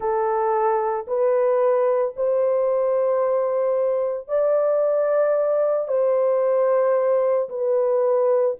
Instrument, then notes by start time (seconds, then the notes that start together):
horn
0.00 A4
1.07 B4
2.16 C5
4.28 D5
5.88 C5
7.49 B4